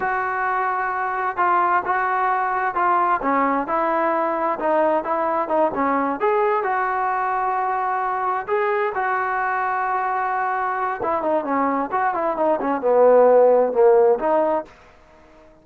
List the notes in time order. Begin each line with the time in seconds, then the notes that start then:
0.00 F#4
1.36 F4
1.85 F#4
2.74 F4
3.22 C#4
3.67 E4
4.59 D#4
5.03 E4
5.48 D#4
5.74 C#4
6.20 G#4
6.63 F#4
8.47 G#4
8.94 F#4
11.03 E4
11.22 D#4
11.44 C#4
11.91 F#4
12.14 E4
12.36 D#4
12.60 C#4
12.81 B3
13.73 A#3
14.19 D#4